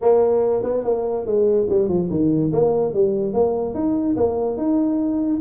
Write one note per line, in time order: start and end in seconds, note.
0.01 0.63 A#3
0.63 0.84 B3
0.84 1.25 A#3
1.26 1.67 G#3
1.69 1.88 G3
1.88 2.09 F3
2.10 2.52 D#3
2.52 2.93 A#3
2.93 3.33 G3
3.33 3.74 A#3
3.74 4.16 D#4
4.16 4.57 A#3
4.57 5.40 D#4